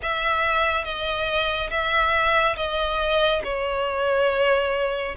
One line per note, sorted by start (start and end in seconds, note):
0.02 0.84 E5
0.84 1.69 D#5
1.70 2.56 E5
2.56 3.42 D#5
3.44 5.15 C#5